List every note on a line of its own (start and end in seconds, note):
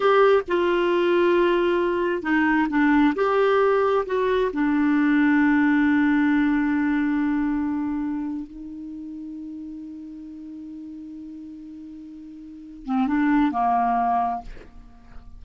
0.00 0.42 G4
0.47 2.22 F4
2.22 2.67 D#4
2.69 3.14 D4
3.15 4.05 G4
4.06 4.51 F#4
4.52 8.47 D4
8.47 12.85 D#4
12.85 13.07 C4
13.07 13.51 D4
13.51 14.41 A#3